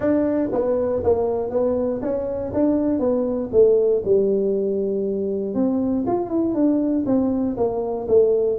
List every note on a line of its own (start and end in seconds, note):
0.00 0.49 D4
0.52 1.02 B3
1.03 1.50 A#3
1.50 2.00 B3
2.01 2.52 C#4
2.53 2.99 D4
2.99 3.49 B3
3.52 4.02 A3
4.05 5.54 G3
5.54 6.04 C4
6.06 6.29 F4
6.29 6.54 E4
6.54 7.04 D4
7.06 7.56 C4
7.56 8.07 A#3
8.07 8.58 A3